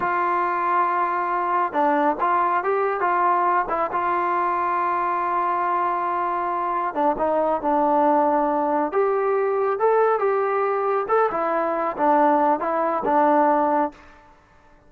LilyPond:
\new Staff \with { instrumentName = "trombone" } { \time 4/4 \tempo 4 = 138 f'1 | d'4 f'4 g'4 f'4~ | f'8 e'8 f'2.~ | f'1 |
d'8 dis'4 d'2~ d'8~ | d'8 g'2 a'4 g'8~ | g'4. a'8 e'4. d'8~ | d'4 e'4 d'2 | }